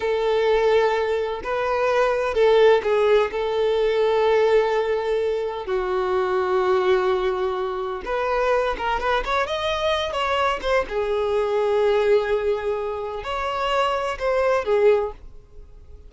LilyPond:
\new Staff \with { instrumentName = "violin" } { \time 4/4 \tempo 4 = 127 a'2. b'4~ | b'4 a'4 gis'4 a'4~ | a'1 | fis'1~ |
fis'4 b'4. ais'8 b'8 cis''8 | dis''4. cis''4 c''8 gis'4~ | gis'1 | cis''2 c''4 gis'4 | }